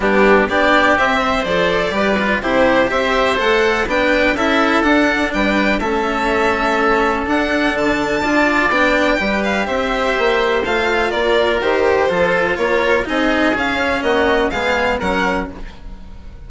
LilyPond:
<<
  \new Staff \with { instrumentName = "violin" } { \time 4/4 \tempo 4 = 124 g'4 d''4 e''4 d''4~ | d''4 c''4 e''4 fis''4 | g''4 e''4 fis''4 g''4 | e''2. fis''4 |
a''2 g''4. f''8 | e''2 f''4 d''4 | c''2 cis''4 dis''4 | f''4 dis''4 f''4 fis''4 | }
  \new Staff \with { instrumentName = "oboe" } { \time 4/4 d'4 g'4. c''4. | b'4 g'4 c''2 | b'4 a'2 b'4 | a'1~ |
a'4 d''2 b'4 | c''2. ais'4~ | ais'4 a'4 ais'4 gis'4~ | gis'4 fis'4 gis'4 ais'4 | }
  \new Staff \with { instrumentName = "cello" } { \time 4/4 b4 d'4 c'4 a'4 | g'8 f'8 e'4 g'4 a'4 | d'4 e'4 d'2 | cis'2. d'4~ |
d'4 f'4 d'4 g'4~ | g'2 f'2 | g'4 f'2 dis'4 | cis'2 b4 cis'4 | }
  \new Staff \with { instrumentName = "bassoon" } { \time 4/4 g4 b4 c'4 f4 | g4 c4 c'4 a4 | b4 cis'4 d'4 g4 | a2. d'4 |
d4 d'4 b4 g4 | c'4 ais4 a4 ais4 | dis4 f4 ais4 c'4 | cis'4 ais4 gis4 fis4 | }
>>